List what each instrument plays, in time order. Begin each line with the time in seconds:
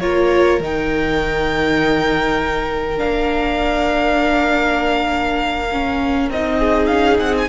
0.00 cello A#3, viola F4, violin A#4 C#5
0.60 cello D#3, viola D#4, violin G5
2.97 cello A#3, viola D4, violin F5
5.73 viola C#4
6.29 cello C4, viola D#4, violin D#5
6.59 violin G#4
6.87 cello C#4, violin F5
7.20 cello C4, violin F#5
7.38 violin G#5